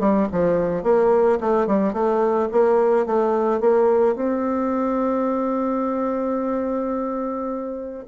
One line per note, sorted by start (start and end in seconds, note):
0.00 0.28 G3
0.32 0.84 F3
0.84 1.39 A#3
1.41 1.67 A3
1.67 1.94 G3
1.94 2.49 A3
2.52 3.07 A#3
3.07 3.61 A3
3.61 4.16 A#3
4.16 8.05 C4